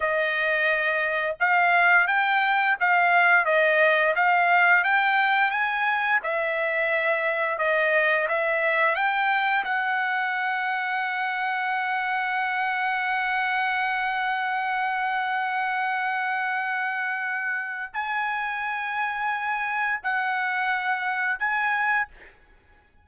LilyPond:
\new Staff \with { instrumentName = "trumpet" } { \time 4/4 \tempo 4 = 87 dis''2 f''4 g''4 | f''4 dis''4 f''4 g''4 | gis''4 e''2 dis''4 | e''4 g''4 fis''2~ |
fis''1~ | fis''1~ | fis''2 gis''2~ | gis''4 fis''2 gis''4 | }